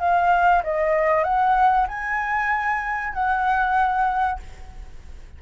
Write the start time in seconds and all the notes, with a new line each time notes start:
0.00 F5
0.64 D#5
1.24 F#5
1.88 G#5
3.14 F#5